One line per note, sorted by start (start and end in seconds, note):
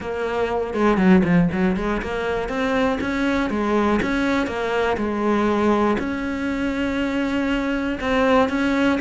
0.00 0.74 A#3
0.74 0.97 G#3
0.97 1.22 F#3
1.23 1.48 F3
1.52 1.76 F#3
1.76 2.01 G#3
2.01 2.48 A#3
2.48 2.98 C4
3.00 3.50 C#4
3.50 4.00 G#3
4.02 4.46 C#4
4.46 4.96 A#3
4.97 5.97 G#3
5.98 7.98 C#4
8.00 8.49 C4
8.49 8.99 C#4